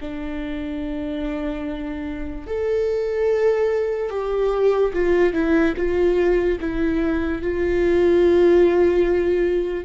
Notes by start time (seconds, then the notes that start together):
0.00 D4
2.47 A4
4.10 G4
4.93 F4
5.33 E4
5.76 F4
6.60 E4
7.42 F4